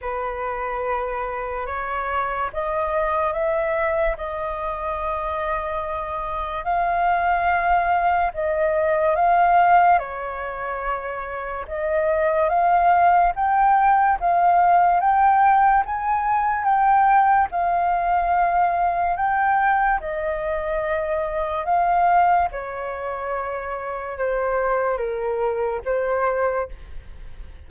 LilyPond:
\new Staff \with { instrumentName = "flute" } { \time 4/4 \tempo 4 = 72 b'2 cis''4 dis''4 | e''4 dis''2. | f''2 dis''4 f''4 | cis''2 dis''4 f''4 |
g''4 f''4 g''4 gis''4 | g''4 f''2 g''4 | dis''2 f''4 cis''4~ | cis''4 c''4 ais'4 c''4 | }